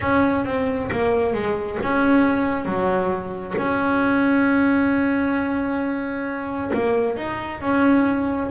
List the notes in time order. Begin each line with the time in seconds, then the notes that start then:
0.00 C#4
0.45 C4
0.91 A#3
1.33 G#3
1.83 C#4
2.65 F#3
3.58 C#4
6.73 A#3
7.16 D#4
7.60 C#4